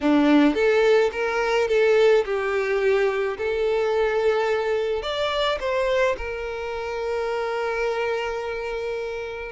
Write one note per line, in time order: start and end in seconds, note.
0.01 0.54 D4
0.54 1.10 A4
1.11 1.67 A#4
1.68 2.24 A4
2.25 3.37 G4
3.37 5.02 A4
5.02 5.58 D5
5.60 6.16 C5
6.17 9.51 A#4